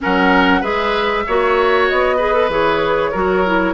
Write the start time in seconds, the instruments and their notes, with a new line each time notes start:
0.00 bassoon F#3, clarinet C#4, oboe A#4, flute F#5
0.61 bassoon G#3, clarinet G#4, oboe B4, flute E5
1.27 bassoon A#3, clarinet F#4, oboe C#5
1.88 bassoon B3, flute D#5
2.16 clarinet G#4, oboe B4
2.33 clarinet A4
2.48 bassoon E3, clarinet G#4, flute C#5
3.11 bassoon F#3, clarinet F#4, oboe A#4
3.45 clarinet E4